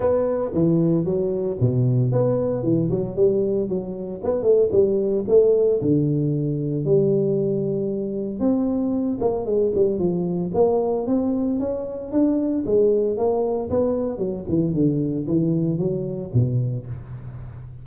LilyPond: \new Staff \with { instrumentName = "tuba" } { \time 4/4 \tempo 4 = 114 b4 e4 fis4 b,4 | b4 e8 fis8 g4 fis4 | b8 a8 g4 a4 d4~ | d4 g2. |
c'4. ais8 gis8 g8 f4 | ais4 c'4 cis'4 d'4 | gis4 ais4 b4 fis8 e8 | d4 e4 fis4 b,4 | }